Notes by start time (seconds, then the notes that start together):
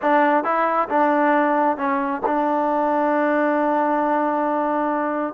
0.02 D4
0.43 E4
0.89 D4
1.77 C#4
2.25 D4